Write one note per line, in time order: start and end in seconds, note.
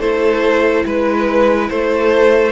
0.00 0.85 A3
0.00 2.52 E4
0.00 0.85 A4
0.00 0.85 C5
0.85 1.70 G#3
0.85 1.71 B4
0.85 1.70 B4
1.70 2.52 A3
1.70 2.52 A4
1.70 2.52 C5